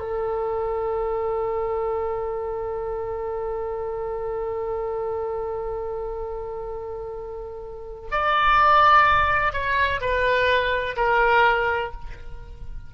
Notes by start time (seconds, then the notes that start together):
0.00 A4
8.11 D5
9.53 C#5
10.01 B4
10.97 A#4